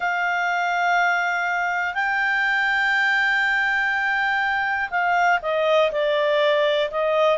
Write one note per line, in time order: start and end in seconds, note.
0.00 1.94 F5
1.94 4.89 G5
4.90 5.39 F5
5.41 5.91 D#5
5.91 6.89 D5
6.91 7.38 D#5